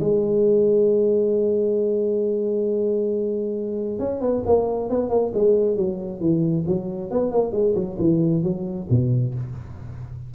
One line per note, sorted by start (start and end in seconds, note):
0.00 3.99 G#3
3.99 4.21 C#4
4.21 4.43 B3
4.46 4.89 A#3
4.89 5.10 B3
5.10 5.32 A#3
5.34 5.76 G#3
5.76 6.20 F#3
6.20 6.65 E3
6.67 7.11 F#3
7.11 7.32 B3
7.32 7.52 A#3
7.52 7.74 G#3
7.75 7.98 F#3
7.99 8.43 E3
8.43 8.88 F#3
8.90 9.35 B2